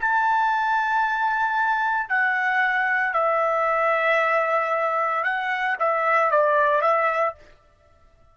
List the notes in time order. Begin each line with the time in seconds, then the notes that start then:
0.00 A5
2.09 F#5
3.13 E5
5.24 F#5
5.79 E5
6.31 D5
6.81 E5